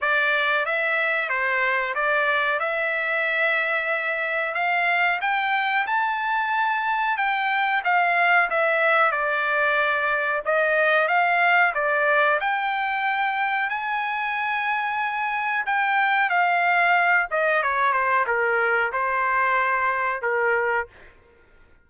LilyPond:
\new Staff \with { instrumentName = "trumpet" } { \time 4/4 \tempo 4 = 92 d''4 e''4 c''4 d''4 | e''2. f''4 | g''4 a''2 g''4 | f''4 e''4 d''2 |
dis''4 f''4 d''4 g''4~ | g''4 gis''2. | g''4 f''4. dis''8 cis''8 c''8 | ais'4 c''2 ais'4 | }